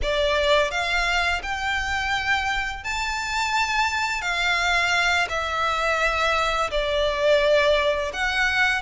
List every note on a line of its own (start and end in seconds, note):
0.02 0.71 D5
0.71 1.41 F5
1.42 2.84 G5
2.84 4.21 A5
4.21 5.27 F5
5.29 6.70 E5
6.71 8.12 D5
8.13 8.81 F#5